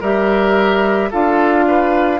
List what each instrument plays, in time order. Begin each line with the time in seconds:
0.00 bassoon G3, clarinet G4, oboe A#4, flute E5
1.10 bassoon D4, clarinet F4, oboe A4, flute F5
1.68 oboe B4